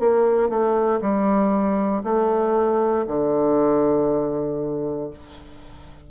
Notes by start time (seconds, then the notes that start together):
0.00 A#3
0.49 A3
1.01 G3
2.04 A3
3.07 D3